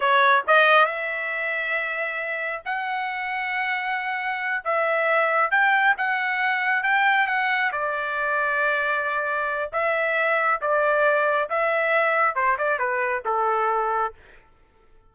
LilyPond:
\new Staff \with { instrumentName = "trumpet" } { \time 4/4 \tempo 4 = 136 cis''4 dis''4 e''2~ | e''2 fis''2~ | fis''2~ fis''8 e''4.~ | e''8 g''4 fis''2 g''8~ |
g''8 fis''4 d''2~ d''8~ | d''2 e''2 | d''2 e''2 | c''8 d''8 b'4 a'2 | }